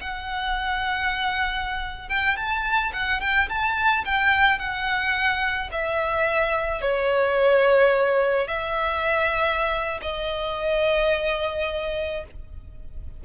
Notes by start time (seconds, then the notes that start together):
0.00 F#5
2.09 G5
2.36 A5
2.93 F#5
3.20 G5
3.48 A5
4.05 G5
4.58 F#5
5.71 E5
6.81 C#5
8.47 E5
10.02 D#5